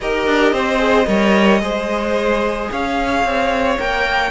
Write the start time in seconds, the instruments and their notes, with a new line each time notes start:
0.01 cello D#4, viola G4, violin A#4 D#5
0.26 cello D4
0.52 cello C4, violin C5
0.78 viola G#4
1.06 cello G3, viola A#4, violin C#5
1.60 cello G#3, viola G#4, violin C5
2.71 cello C#4, violin C#5 F5
3.23 cello C4
3.79 cello A#3, viola A#4, violin G5